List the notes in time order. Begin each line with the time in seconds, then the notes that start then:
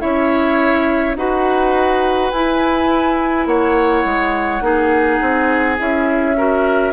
0.00 C#4 E4 C#5 E5
1.15 D#4 F#4 B4 F#5
2.31 E4 G#5
3.46 A#3 C#5 F#5
4.05 G#3
4.61 A#3 D#4 G#4
5.21 C4
5.77 C#4 E4 E5
6.37 F#4 A#4